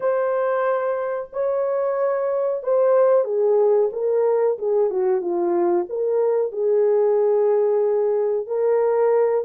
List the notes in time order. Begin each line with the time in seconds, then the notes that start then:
0.00 C5
1.33 C#5
2.63 C5
3.24 G#4
3.92 A#4
4.58 G#4
4.90 F#4
5.21 F4
5.89 A#4
6.52 G#4
8.46 A#4